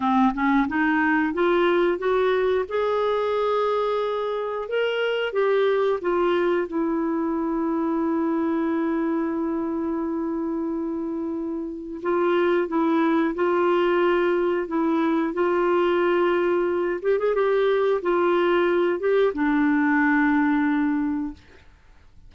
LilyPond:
\new Staff \with { instrumentName = "clarinet" } { \time 4/4 \tempo 4 = 90 c'8 cis'8 dis'4 f'4 fis'4 | gis'2. ais'4 | g'4 f'4 e'2~ | e'1~ |
e'2 f'4 e'4 | f'2 e'4 f'4~ | f'4. g'16 gis'16 g'4 f'4~ | f'8 g'8 d'2. | }